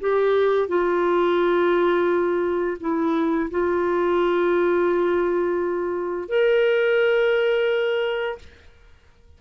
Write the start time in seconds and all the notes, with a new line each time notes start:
0.00 G4
0.68 F4
2.80 E4
3.50 F4
6.29 A#4